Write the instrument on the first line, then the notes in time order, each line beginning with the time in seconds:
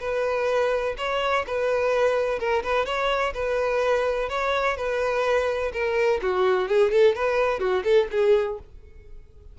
violin
0.00 B4
0.98 C#5
1.47 B4
2.39 A#4
2.63 B4
2.86 C#5
3.34 B4
4.29 C#5
4.77 B4
5.73 A#4
6.22 F#4
6.68 G#4
6.91 A4
7.15 B4
7.60 F#4
7.84 A4
8.11 G#4